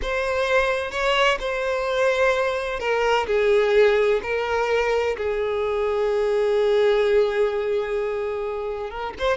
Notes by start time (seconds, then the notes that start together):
0.01 C5
0.91 C#5
1.39 C5
2.79 A#4
3.26 G#4
4.22 A#4
5.17 G#4
8.90 A#4
9.19 C5